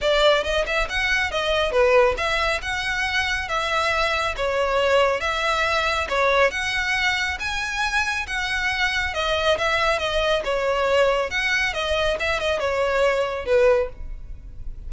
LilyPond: \new Staff \with { instrumentName = "violin" } { \time 4/4 \tempo 4 = 138 d''4 dis''8 e''8 fis''4 dis''4 | b'4 e''4 fis''2 | e''2 cis''2 | e''2 cis''4 fis''4~ |
fis''4 gis''2 fis''4~ | fis''4 dis''4 e''4 dis''4 | cis''2 fis''4 dis''4 | e''8 dis''8 cis''2 b'4 | }